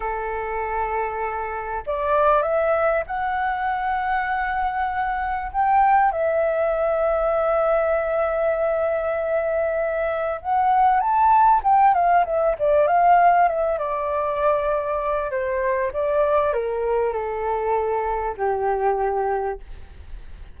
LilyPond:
\new Staff \with { instrumentName = "flute" } { \time 4/4 \tempo 4 = 98 a'2. d''4 | e''4 fis''2.~ | fis''4 g''4 e''2~ | e''1~ |
e''4 fis''4 a''4 g''8 f''8 | e''8 d''8 f''4 e''8 d''4.~ | d''4 c''4 d''4 ais'4 | a'2 g'2 | }